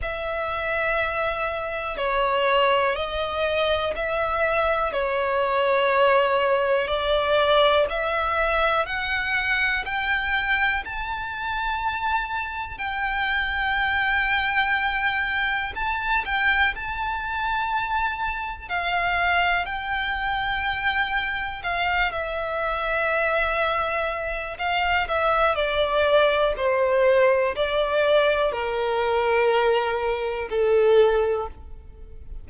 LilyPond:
\new Staff \with { instrumentName = "violin" } { \time 4/4 \tempo 4 = 61 e''2 cis''4 dis''4 | e''4 cis''2 d''4 | e''4 fis''4 g''4 a''4~ | a''4 g''2. |
a''8 g''8 a''2 f''4 | g''2 f''8 e''4.~ | e''4 f''8 e''8 d''4 c''4 | d''4 ais'2 a'4 | }